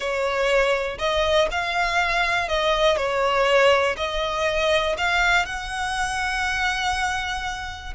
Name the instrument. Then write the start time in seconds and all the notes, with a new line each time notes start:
violin
0.00 C#5
0.98 D#5
1.51 F5
2.48 D#5
2.97 C#5
3.96 D#5
4.97 F5
5.45 F#5